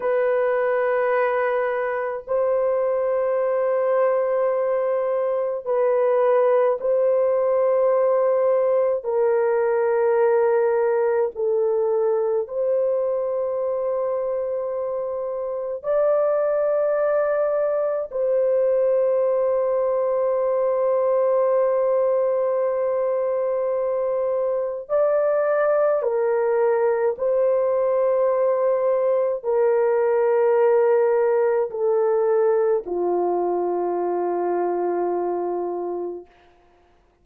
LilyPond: \new Staff \with { instrumentName = "horn" } { \time 4/4 \tempo 4 = 53 b'2 c''2~ | c''4 b'4 c''2 | ais'2 a'4 c''4~ | c''2 d''2 |
c''1~ | c''2 d''4 ais'4 | c''2 ais'2 | a'4 f'2. | }